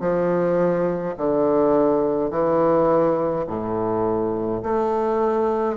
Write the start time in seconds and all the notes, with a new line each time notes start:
0.00 F3
1.17 D3
2.31 E3
3.47 A2
4.63 A3